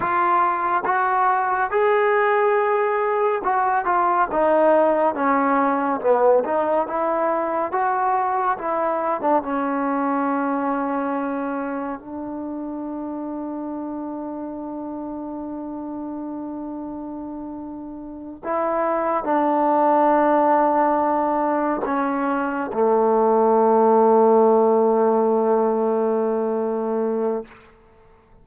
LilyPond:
\new Staff \with { instrumentName = "trombone" } { \time 4/4 \tempo 4 = 70 f'4 fis'4 gis'2 | fis'8 f'8 dis'4 cis'4 b8 dis'8 | e'4 fis'4 e'8. d'16 cis'4~ | cis'2 d'2~ |
d'1~ | d'4. e'4 d'4.~ | d'4. cis'4 a4.~ | a1 | }